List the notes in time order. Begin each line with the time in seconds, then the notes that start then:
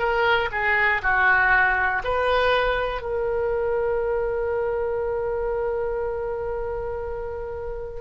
0.00 A#4
0.52 G#4
1.03 F#4
2.05 B4
3.02 A#4